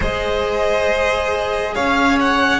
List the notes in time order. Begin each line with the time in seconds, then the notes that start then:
0.00 G#3 G#4 C5 D#5
1.74 C#4 C#5 F5
2.20 F#5